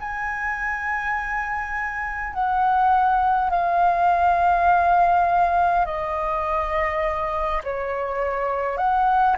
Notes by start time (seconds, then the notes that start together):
0.00 G#5
2.34 F#5
3.51 F5
5.86 D#5
7.64 C#5
8.78 F#5